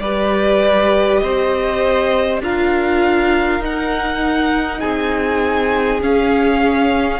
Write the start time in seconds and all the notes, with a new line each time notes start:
0.00 G3 G4 B4 D5
1.18 C4 C5 D#5
2.40 D4 F4 A#4 F5
3.60 D#4 F#5
4.80 C4 G#4 G#5
6.01 C#4 F5